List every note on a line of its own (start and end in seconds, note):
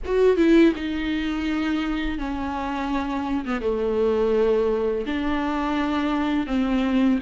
0.05 0.36 F#4
0.36 0.73 E4
0.75 2.18 D#4
2.18 3.44 C#4
3.45 3.61 B3
3.61 5.05 A3
5.06 6.47 D4
6.47 7.19 C4